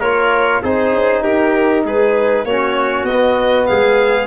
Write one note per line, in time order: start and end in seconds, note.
0.00 0.61 A#3
0.00 0.64 F4
0.00 0.61 A#4
0.00 0.62 C#5
0.62 0.93 C4
0.62 2.47 D#4
0.62 1.23 G#4
0.62 1.23 C5
0.93 1.23 C#4
1.23 1.85 D#4
1.23 1.84 G4
1.23 1.84 A#4
1.85 2.45 G#3
1.85 2.46 G#4
1.85 2.45 B4
2.45 3.03 A#3
2.45 3.09 C#4
2.45 3.68 F#4
2.45 3.06 C#5
3.03 3.65 B3
3.03 3.67 D#5
3.11 4.28 B3
3.67 4.28 G#3
3.67 4.28 G#4
3.67 4.28 F5